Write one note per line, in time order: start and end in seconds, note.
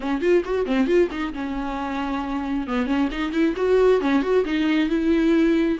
0.00 0.21 C#4
0.21 0.43 F4
0.44 0.66 F#4
0.66 0.86 C4
0.86 1.08 F4
1.11 1.33 D#4
1.33 2.67 C#4
2.67 2.86 B3
2.86 3.08 C#4
3.11 3.32 D#4
3.32 3.54 E4
3.56 4.00 F#4
4.01 4.22 C#4
4.22 4.44 F#4
4.44 4.89 D#4
4.89 5.78 E4